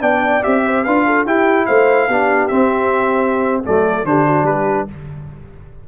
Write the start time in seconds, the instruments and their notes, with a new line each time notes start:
0.00 tuba B3, trombone D4, horn D5, trumpet G5
0.43 tuba C4, trombone G4, trumpet E5
0.64 horn C5
0.84 tuba D4, trombone F4, horn B4, trumpet F5
1.06 horn A4
1.25 tuba E4, trombone E4, horn G4, trumpet G5
1.66 tuba A3, horn C5, trumpet F5
2.08 tuba B3, trombone D4, horn G4
2.47 trombone C4, tuba C4, trumpet E5
3.64 tuba F#3, trombone A3, horn A4, trumpet D5
4.04 tuba D3, trombone D4, horn G4, trumpet C5
4.26 horn F#4
4.43 tuba G3, horn G4, trumpet B4